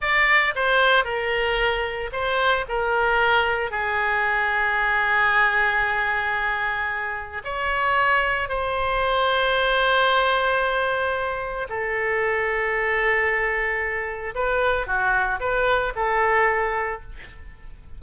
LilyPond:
\new Staff \with { instrumentName = "oboe" } { \time 4/4 \tempo 4 = 113 d''4 c''4 ais'2 | c''4 ais'2 gis'4~ | gis'1~ | gis'2 cis''2 |
c''1~ | c''2 a'2~ | a'2. b'4 | fis'4 b'4 a'2 | }